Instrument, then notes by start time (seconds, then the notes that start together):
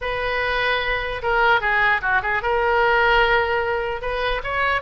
oboe
0.01 B4
1.22 A#4
1.61 G#4
2.01 F#4
2.22 G#4
2.42 A#4
4.01 B4
4.43 C#5